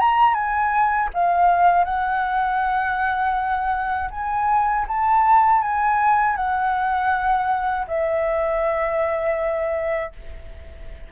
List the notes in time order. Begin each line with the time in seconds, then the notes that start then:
0.00 A#5
0.34 G#5
1.14 F5
1.85 F#5
4.11 G#5
4.88 A5
5.62 G#5
6.36 F#5
7.88 E5